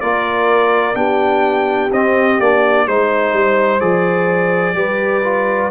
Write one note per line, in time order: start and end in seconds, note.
0.00 0.94 A#3
0.00 0.94 F4
0.00 0.96 A#4
0.00 0.95 D5
0.94 1.90 B3
0.94 1.89 D4
0.94 2.87 G4
0.94 1.90 G5
1.91 2.38 C4
1.91 2.41 C4
1.91 2.40 D#5
2.39 2.86 A#3
2.39 2.87 D4
2.39 2.87 D5
2.86 3.33 G#3
2.86 3.80 D#4
2.86 3.80 C5
2.86 4.77 C5
3.33 3.80 G3
3.80 4.74 F3
3.80 4.74 G#4
3.80 5.70 D5
4.74 5.69 G3
4.74 5.22 G4
4.74 5.71 B4
5.24 5.71 F4